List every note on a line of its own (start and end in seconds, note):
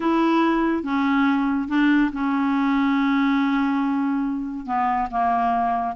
0.00 0.83 E4
0.83 1.68 C#4
1.68 2.11 D4
2.12 4.66 C#4
4.66 5.08 B3
5.10 5.96 A#3